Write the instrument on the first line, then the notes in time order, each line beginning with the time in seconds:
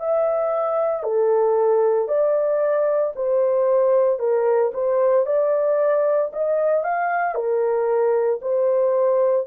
horn
0.00 E5
1.03 A4
2.08 D5
3.16 C5
4.19 A#4
4.74 C5
5.26 D5
6.33 D#5
6.84 F5
7.34 A#4
8.42 C5